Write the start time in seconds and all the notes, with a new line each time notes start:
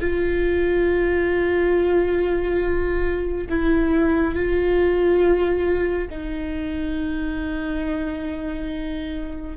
0.00 F4
3.49 E4
4.34 F4
6.09 D#4